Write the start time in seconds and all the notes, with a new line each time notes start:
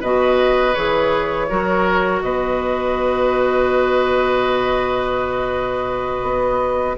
0.00 B2 F#4 B4 D#5
0.74 E3 G#4 C#5
1.48 F#3 F#4 A#4
2.21 B2 B4 D#5
6.22 B3